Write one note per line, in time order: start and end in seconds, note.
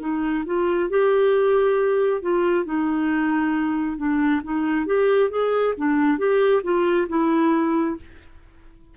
0.00 0.44 D#4
0.46 0.90 F4
0.90 2.22 G4
2.22 2.65 F4
2.65 3.97 D#4
3.97 4.41 D4
4.44 4.86 D#4
4.86 5.30 G4
5.30 5.74 G#4
5.78 6.18 D4
6.18 6.62 G4
6.63 7.07 F4
7.09 7.97 E4